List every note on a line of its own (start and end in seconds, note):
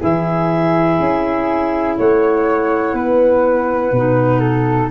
0.00 1.00 E3
0.00 3.93 E4
0.00 1.98 G#4
0.00 1.98 E5
1.00 1.98 C#4
1.98 2.94 A3
1.98 2.95 C#5
1.98 4.91 F#5
2.94 3.92 B3
2.94 4.40 B4
3.92 4.90 B2
3.92 4.91 D#4
4.40 4.90 A4